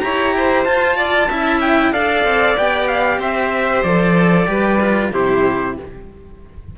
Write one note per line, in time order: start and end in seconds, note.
0.00 0.66 E4
0.00 0.65 G4
0.00 0.35 C#5
0.00 0.64 A#5
0.37 0.97 C5
0.65 1.29 F4
0.65 1.61 A5
0.97 1.29 D5
1.29 1.93 C#4
1.29 1.93 E4
1.29 1.92 E5
1.61 1.93 G5
1.92 2.24 D4
1.92 2.57 A4
1.92 3.19 D5
1.92 2.57 F5
2.24 2.56 C4
2.57 3.18 B3
2.57 3.85 G4
2.57 2.88 G5
2.88 3.20 F5
3.18 3.82 C4
3.18 4.47 C5
3.18 3.83 E5
3.83 4.47 F3
3.83 4.47 A4
3.83 5.11 D5
4.47 5.12 G3
4.47 4.79 G4
4.47 5.12 B4
4.81 5.13 F4
5.12 5.77 C3
5.12 5.76 E4
5.12 5.76 G4
5.12 5.78 C5